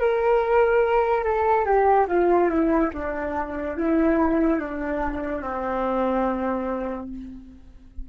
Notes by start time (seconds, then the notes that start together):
0.00 A#4
1.25 A4
1.65 G4
2.08 F4
2.49 E4
2.94 D4
3.77 E4
4.59 D4
5.42 C4